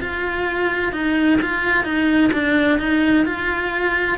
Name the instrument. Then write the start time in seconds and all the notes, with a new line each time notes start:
cello
0.00 F4
0.92 D#4
1.41 F4
1.84 D#4
2.32 D4
2.79 D#4
3.25 F4